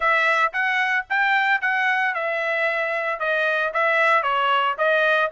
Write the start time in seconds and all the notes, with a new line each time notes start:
0.00 E5
0.52 F#5
1.09 G5
1.61 F#5
2.14 E5
3.19 D#5
3.73 E5
4.23 C#5
4.78 D#5